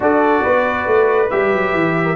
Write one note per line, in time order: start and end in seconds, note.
0.00 0.43 D4
0.00 1.28 F#4
0.00 0.43 A4
0.00 1.30 D5
0.43 0.86 B3
0.43 2.04 B4
0.86 1.29 A3
1.30 1.53 G3
1.30 2.16 G4
1.30 2.16 E5
1.54 1.73 F#3
1.73 2.16 E3
2.04 2.15 A#4